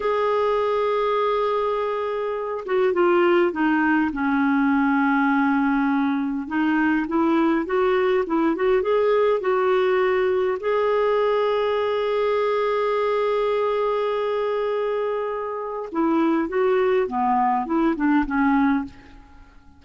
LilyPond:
\new Staff \with { instrumentName = "clarinet" } { \time 4/4 \tempo 4 = 102 gis'1~ | gis'8 fis'8 f'4 dis'4 cis'4~ | cis'2. dis'4 | e'4 fis'4 e'8 fis'8 gis'4 |
fis'2 gis'2~ | gis'1~ | gis'2. e'4 | fis'4 b4 e'8 d'8 cis'4 | }